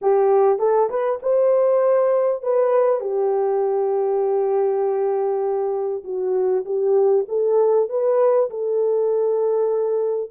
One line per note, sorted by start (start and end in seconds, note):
0.01 0.58 G4
0.58 0.89 A4
0.89 1.19 B4
1.22 2.42 C5
2.42 3.00 B4
3.00 6.03 G4
6.04 6.64 F#4
6.65 7.25 G4
7.28 7.89 A4
7.89 8.49 B4
8.50 10.30 A4